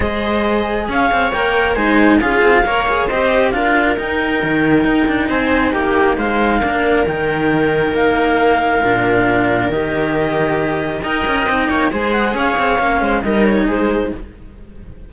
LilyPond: <<
  \new Staff \with { instrumentName = "clarinet" } { \time 4/4 \tempo 4 = 136 dis''2 f''4 g''4 | gis''4 f''2 dis''4 | f''4 g''2. | gis''4 g''4 f''2 |
g''2 f''2~ | f''2 dis''2~ | dis''4 g''2 gis''8 fis''8 | f''2 dis''8 cis''8 c''4 | }
  \new Staff \with { instrumentName = "viola" } { \time 4/4 c''2 cis''2 | c''4 gis'4 cis''4 c''4 | ais'1 | c''4 g'4 c''4 ais'4~ |
ais'1~ | ais'1~ | ais'4 dis''4. cis''8 c''4 | cis''4. c''8 ais'4 gis'4 | }
  \new Staff \with { instrumentName = "cello" } { \time 4/4 gis'2. ais'4 | dis'4 f'4 ais'8 gis'8 g'4 | f'4 dis'2.~ | dis'2. d'4 |
dis'1 | d'2 g'2~ | g'4 ais'4 dis'4 gis'4~ | gis'4 cis'4 dis'2 | }
  \new Staff \with { instrumentName = "cello" } { \time 4/4 gis2 cis'8 c'8 ais4 | gis4 cis'8 c'8 ais4 c'4 | d'4 dis'4 dis4 dis'8 d'8 | c'4 ais4 gis4 ais4 |
dis2 ais2 | ais,2 dis2~ | dis4 dis'8 cis'8 c'8 ais8 gis4 | cis'8 c'8 ais8 gis8 g4 gis4 | }
>>